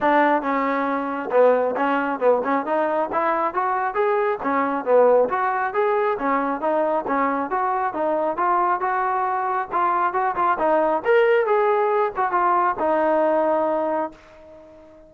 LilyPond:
\new Staff \with { instrumentName = "trombone" } { \time 4/4 \tempo 4 = 136 d'4 cis'2 b4 | cis'4 b8 cis'8 dis'4 e'4 | fis'4 gis'4 cis'4 b4 | fis'4 gis'4 cis'4 dis'4 |
cis'4 fis'4 dis'4 f'4 | fis'2 f'4 fis'8 f'8 | dis'4 ais'4 gis'4. fis'8 | f'4 dis'2. | }